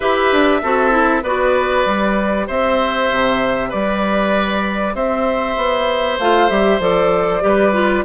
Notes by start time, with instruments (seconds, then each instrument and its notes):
0.00 bassoon E4, clarinet G4, oboe B4, flute E5
0.32 bassoon D4
0.62 bassoon C4, clarinet F#4, oboe A4
0.90 clarinet E4
1.23 bassoon B3, clarinet F#4, oboe B4, flute D5
1.85 bassoon G3, clarinet G4
2.47 bassoon C4, oboe C5, flute E5
3.10 bassoon C3
3.69 bassoon G3, oboe B4, flute D5
4.94 bassoon C4, oboe C5, flute E5
5.56 bassoon B3
6.19 bassoon A3, clarinet F4, flute F5
6.49 bassoon G3, clarinet G4, flute E5
6.79 bassoon F3, clarinet A4, flute D5
7.41 bassoon G3, clarinet G4, oboe B4
7.73 clarinet F4